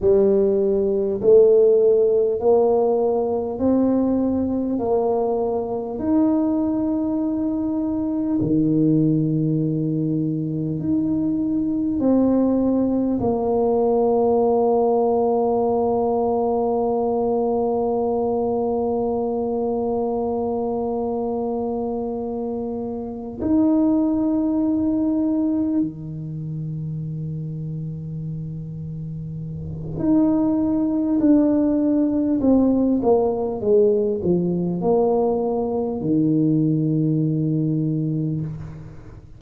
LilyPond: \new Staff \with { instrumentName = "tuba" } { \time 4/4 \tempo 4 = 50 g4 a4 ais4 c'4 | ais4 dis'2 dis4~ | dis4 dis'4 c'4 ais4~ | ais1~ |
ais2.~ ais8 dis'8~ | dis'4. dis2~ dis8~ | dis4 dis'4 d'4 c'8 ais8 | gis8 f8 ais4 dis2 | }